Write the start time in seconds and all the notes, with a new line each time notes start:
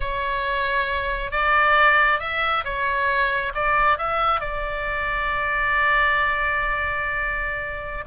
0.00 C#5
1.31 D5
2.19 E5
2.64 C#5
3.54 D5
3.98 E5
4.40 D5